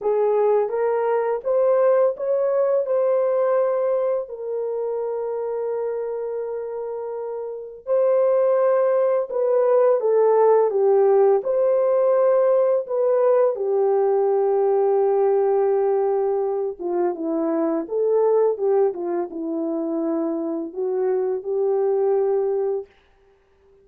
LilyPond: \new Staff \with { instrumentName = "horn" } { \time 4/4 \tempo 4 = 84 gis'4 ais'4 c''4 cis''4 | c''2 ais'2~ | ais'2. c''4~ | c''4 b'4 a'4 g'4 |
c''2 b'4 g'4~ | g'2.~ g'8 f'8 | e'4 a'4 g'8 f'8 e'4~ | e'4 fis'4 g'2 | }